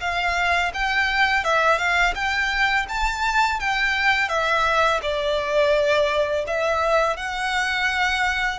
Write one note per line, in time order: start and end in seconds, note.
0.00 0.71 F5
0.73 1.44 G5
1.44 1.78 E5
1.78 2.13 F5
2.15 2.86 G5
2.88 3.59 A5
3.59 4.28 G5
4.28 5.00 E5
5.02 6.44 D5
6.46 7.16 E5
7.16 8.59 F#5